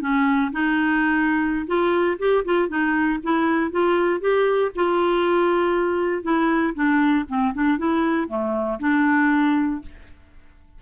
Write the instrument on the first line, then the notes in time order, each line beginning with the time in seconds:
clarinet
0.00 C#4
0.52 D#4
1.66 F4
2.18 G4
2.44 F4
2.68 D#4
3.23 E4
3.71 F4
4.20 G4
4.75 F4
6.22 E4
6.74 D4
7.28 C4
7.53 D4
7.78 E4
8.27 A3
8.79 D4